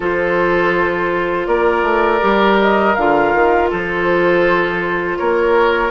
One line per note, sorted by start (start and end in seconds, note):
0.00 1.47 F3
0.00 2.20 F4
0.00 1.47 A4
0.00 1.46 C5
1.46 1.82 A#3
1.46 3.69 A#4
1.46 2.57 D5
1.82 2.19 A3
2.20 2.96 G3
2.20 2.94 G4
2.61 2.94 D#5
2.94 3.33 D3
2.94 5.91 F4
2.94 3.69 F5
3.34 3.71 D#3
3.70 5.20 F3
3.70 5.18 A4
3.70 5.17 C5
5.17 5.91 A#3
5.17 5.91 A#4
5.17 5.91 C#5